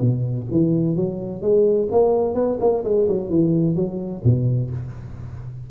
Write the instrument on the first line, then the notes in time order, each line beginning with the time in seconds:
tuba
0.00 B2
0.51 E3
0.96 F#3
1.41 G#3
1.91 A#3
2.34 B3
2.60 A#3
2.84 G#3
3.08 F#3
3.29 E3
3.75 F#3
4.23 B2